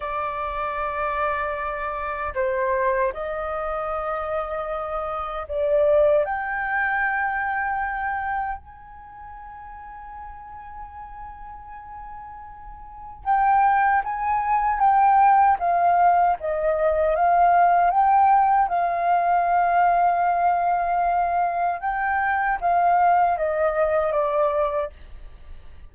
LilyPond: \new Staff \with { instrumentName = "flute" } { \time 4/4 \tempo 4 = 77 d''2. c''4 | dis''2. d''4 | g''2. gis''4~ | gis''1~ |
gis''4 g''4 gis''4 g''4 | f''4 dis''4 f''4 g''4 | f''1 | g''4 f''4 dis''4 d''4 | }